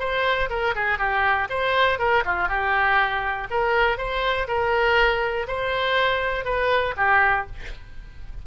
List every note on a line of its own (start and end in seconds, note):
0.00 0.50 C5
0.50 0.74 A#4
0.75 0.99 G#4
0.99 1.48 G4
1.50 1.99 C5
1.99 2.24 A#4
2.26 2.49 F4
2.49 3.48 G4
3.50 3.98 A#4
3.98 4.47 C5
4.48 5.47 A#4
5.48 6.45 C5
6.45 6.94 B4
6.97 7.47 G4